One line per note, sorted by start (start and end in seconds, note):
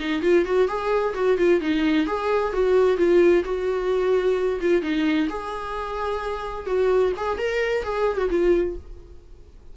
0.00 0.22 D#4
0.22 0.45 F4
0.46 0.68 F#4
0.68 1.14 G#4
1.15 1.38 F#4
1.38 1.61 F4
1.61 2.07 D#4
2.07 2.53 G#4
2.53 2.98 F#4
2.98 3.44 F4
3.45 4.60 F#4
4.61 4.82 F4
4.82 5.28 D#4
5.30 6.67 G#4
6.67 7.13 F#4
7.17 7.38 G#4
7.38 7.84 A#4
7.84 8.18 G#4
8.18 8.29 F#4
8.30 8.77 F4